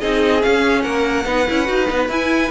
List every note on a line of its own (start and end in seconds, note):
0.00 0.45 C4
0.00 0.40 D#4
0.00 0.84 G#4
0.00 0.42 D#5
0.40 1.24 C#4
0.40 0.82 F5
0.47 0.85 C#4
0.82 1.26 A#3
0.82 1.26 A#4
0.82 2.08 F#5
1.26 1.47 B3
1.26 1.48 D#4
1.26 2.52 B4
1.48 1.69 C#4
1.48 1.66 E4
1.66 1.90 D#4
1.66 1.87 F#4
1.88 2.09 B3
1.88 2.09 D#4
2.09 2.51 E4
2.09 2.52 E4
2.09 2.52 G#5